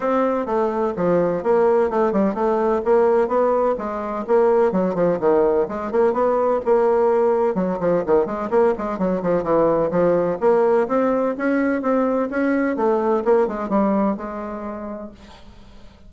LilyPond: \new Staff \with { instrumentName = "bassoon" } { \time 4/4 \tempo 4 = 127 c'4 a4 f4 ais4 | a8 g8 a4 ais4 b4 | gis4 ais4 fis8 f8 dis4 | gis8 ais8 b4 ais2 |
fis8 f8 dis8 gis8 ais8 gis8 fis8 f8 | e4 f4 ais4 c'4 | cis'4 c'4 cis'4 a4 | ais8 gis8 g4 gis2 | }